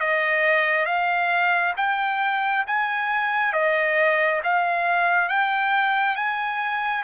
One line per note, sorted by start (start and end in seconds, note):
0.00 0.85 D#5
0.85 1.74 F5
1.77 2.65 G5
2.67 3.53 G#5
3.53 4.41 D#5
4.44 5.29 F5
5.29 6.16 G5
6.16 7.04 G#5